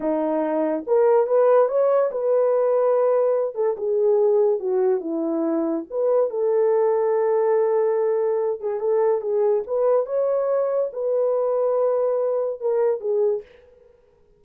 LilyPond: \new Staff \with { instrumentName = "horn" } { \time 4/4 \tempo 4 = 143 dis'2 ais'4 b'4 | cis''4 b'2.~ | b'8 a'8 gis'2 fis'4 | e'2 b'4 a'4~ |
a'1~ | a'8 gis'8 a'4 gis'4 b'4 | cis''2 b'2~ | b'2 ais'4 gis'4 | }